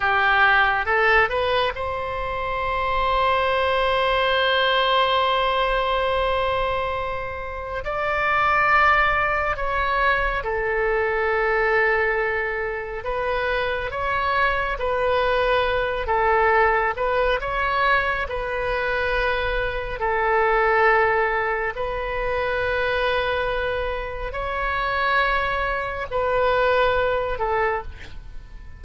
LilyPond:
\new Staff \with { instrumentName = "oboe" } { \time 4/4 \tempo 4 = 69 g'4 a'8 b'8 c''2~ | c''1~ | c''4 d''2 cis''4 | a'2. b'4 |
cis''4 b'4. a'4 b'8 | cis''4 b'2 a'4~ | a'4 b'2. | cis''2 b'4. a'8 | }